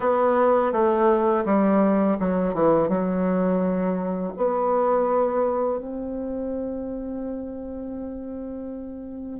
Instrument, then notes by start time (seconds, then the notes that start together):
bassoon
0.00 B3
0.72 A3
1.45 G3
2.19 F#3
2.54 E3
2.88 F#3
4.36 B3
5.79 C4